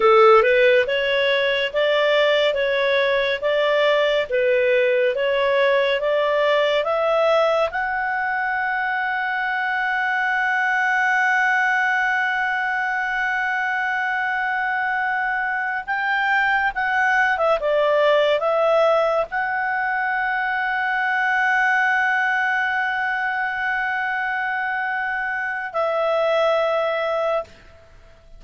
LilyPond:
\new Staff \with { instrumentName = "clarinet" } { \time 4/4 \tempo 4 = 70 a'8 b'8 cis''4 d''4 cis''4 | d''4 b'4 cis''4 d''4 | e''4 fis''2.~ | fis''1~ |
fis''2~ fis''8 g''4 fis''8~ | fis''16 e''16 d''4 e''4 fis''4.~ | fis''1~ | fis''2 e''2 | }